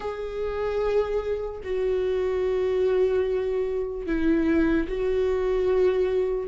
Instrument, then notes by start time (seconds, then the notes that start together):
viola
0.00 G#4
1.63 F#4
4.06 E4
4.88 F#4